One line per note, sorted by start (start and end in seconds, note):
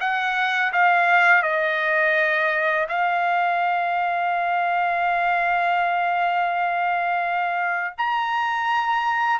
0.00 0.72 F#5
0.73 1.43 F5
1.43 2.87 D#5
2.88 7.95 F5
7.98 9.39 A#5